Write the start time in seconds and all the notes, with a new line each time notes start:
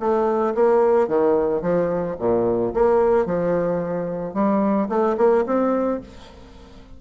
0.00 A3
0.55 A#3
1.08 D#3
1.62 F3
2.19 A#2
2.74 A#3
3.26 F3
4.34 G3
4.89 A3
5.17 A#3
5.46 C4